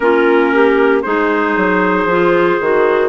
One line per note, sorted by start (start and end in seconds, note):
0.00 1.03 A#3
0.00 1.04 C#4
0.00 0.53 F4
0.00 1.01 A#4
0.53 1.03 G4
1.02 1.56 G#3
1.02 2.08 D#4
1.02 3.08 G#4
1.02 3.08 C5
1.56 2.05 F#3
2.05 2.56 F3
2.05 2.61 F4
2.60 3.08 D#3
2.60 3.08 F#4